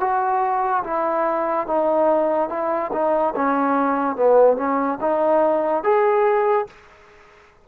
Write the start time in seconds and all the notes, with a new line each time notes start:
0.00 F#4
0.84 E4
1.67 D#4
2.49 E4
2.92 D#4
3.36 C#4
4.16 B3
4.56 C#4
5.01 D#4
5.84 G#4